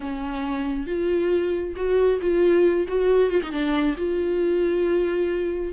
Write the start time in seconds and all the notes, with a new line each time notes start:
0.00 C#4
0.86 F4
1.76 F#4
2.21 F4
2.88 F#4
3.30 F4
3.42 D#4
3.51 D4
3.97 F4